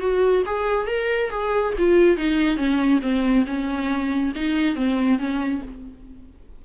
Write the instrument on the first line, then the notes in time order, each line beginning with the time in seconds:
viola
0.00 F#4
0.46 G#4
0.87 A#4
1.31 G#4
1.79 F4
2.17 D#4
2.57 C#4
3.02 C4
3.47 C#4
4.36 D#4
4.76 C4
5.19 C#4